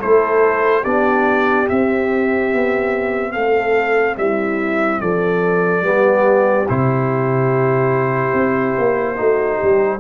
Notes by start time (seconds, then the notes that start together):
0.00 A3 E4 A4 C5
0.81 B3 D4 G4 D5
1.66 C4 E5
2.53 B3
3.32 A3 A4 F5
4.17 G3 E4 E5
5.01 F3 A4 D5
5.82 G3 B3 G4
6.69 C3 E4 C5
8.33 C4
8.78 A#3
9.16 A3 D#4 F#4
9.56 G4
9.62 G3